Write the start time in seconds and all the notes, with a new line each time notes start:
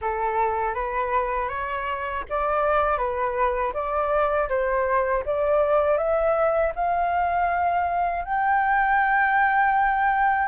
0.01 A4
0.74 B4
1.48 C#5
2.29 D5
2.97 B4
3.73 D5
4.48 C5
5.25 D5
5.97 E5
6.75 F5
8.24 G5